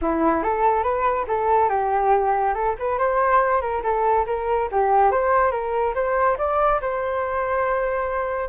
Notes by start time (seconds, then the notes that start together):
0.01 E4
0.43 A4
0.83 B4
1.27 A4
1.69 G4
2.54 A4
2.79 B4
2.98 C5
3.61 A#4
3.83 A4
4.26 A#4
4.71 G4
5.11 C5
5.51 A#4
5.94 C5
6.38 D5
6.81 C5